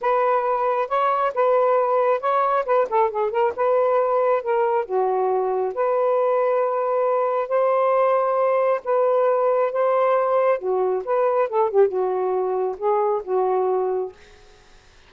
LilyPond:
\new Staff \with { instrumentName = "saxophone" } { \time 4/4 \tempo 4 = 136 b'2 cis''4 b'4~ | b'4 cis''4 b'8 a'8 gis'8 ais'8 | b'2 ais'4 fis'4~ | fis'4 b'2.~ |
b'4 c''2. | b'2 c''2 | fis'4 b'4 a'8 g'8 fis'4~ | fis'4 gis'4 fis'2 | }